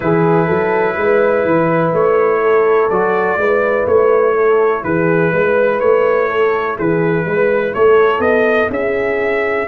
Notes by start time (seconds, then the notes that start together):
0.00 E3 E4 G#4 B4
0.46 F#3 A4
0.96 G#3 B4
1.45 E3
1.92 A3 C#5
2.41 A4
2.90 F#3 F#4 D5
3.37 G#3 E4 B4
3.86 A3 C#5
4.34 A4
4.83 E3 G#4 B4
5.32 G#3 B4
5.80 A3 C#5
6.28 A4
6.76 E3 G#4 B4
7.25 G#3 B4
7.74 A3 A4 C#5
8.19 B3 D#5
8.70 C#4 G#4 E5